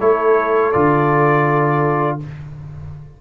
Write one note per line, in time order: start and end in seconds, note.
0.00 0.74 A3
0.00 0.73 E4
0.00 2.20 A4
0.00 0.72 C#5
0.72 2.22 D3
0.72 2.20 F4
0.72 2.19 D5